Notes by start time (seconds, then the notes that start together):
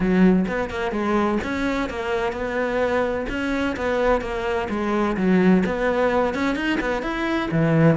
0.00 F#3
0.48 B3
0.69 A#3
0.91 G#3
1.43 C#4
1.89 A#3
2.32 B3
3.29 C#4
3.76 B3
4.21 A#3
4.69 G#3
5.16 F#3
5.65 B3
6.34 C#4
6.55 D#4
6.80 B3
7.02 E4
7.51 E3